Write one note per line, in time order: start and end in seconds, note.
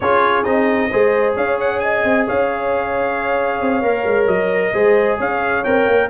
0.00 0.45 C#4
0.00 0.44 F4
0.00 0.90 G#4
0.00 0.43 C#5
0.43 0.90 C4
0.43 0.89 D#4
0.43 1.33 D#5
0.90 1.36 G#3
0.90 3.83 G#4
0.90 1.35 C5
1.35 2.04 C#4
1.35 1.80 C#5
1.35 1.59 F5
1.60 1.79 F#5
1.79 2.26 D#5
1.79 2.24 G#5
2.04 2.26 C4
2.26 3.60 C#4
2.26 4.73 C#5
2.26 4.27 F5
3.60 3.81 C4
3.81 4.04 A#3
3.81 4.73 A#4
4.06 4.27 G#3
4.27 4.72 F#3
4.27 5.17 D#5
4.73 5.18 G#3
4.73 5.64 G#4
4.73 5.18 C5
5.18 5.64 C#4
5.18 6.08 C#5
5.18 5.64 F5
5.64 5.86 C4
5.64 6.09 A#4
5.64 6.09 G5
5.86 6.09 A#3